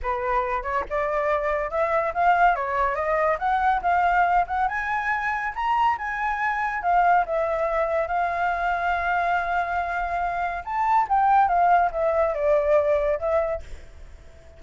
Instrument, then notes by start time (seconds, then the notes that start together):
flute
0.02 B4
0.62 C#5
0.89 D5
1.70 E5
2.14 F5
2.55 C#5
2.95 D#5
3.38 F#5
3.82 F5
4.47 F#5
4.68 G#5
5.55 A#5
5.97 G#5
6.82 F5
7.25 E5
8.07 F5
10.64 A5
11.09 G5
11.48 F5
11.91 E5
12.34 D5
13.19 E5